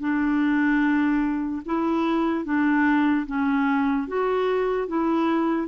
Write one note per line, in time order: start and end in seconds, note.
0.00 1.62 D4
1.65 2.45 E4
2.45 3.26 D4
3.27 4.07 C#4
4.07 4.88 F#4
4.88 5.68 E4